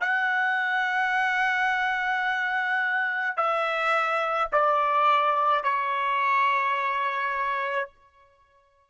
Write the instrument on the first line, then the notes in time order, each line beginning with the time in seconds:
trumpet
0.00 F#5
3.37 E5
4.52 D5
5.63 C#5